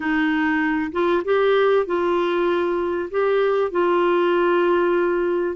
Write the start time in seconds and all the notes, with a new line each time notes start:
0.00 D#4
0.91 F4
1.24 G4
1.86 F4
3.11 G4
3.71 F4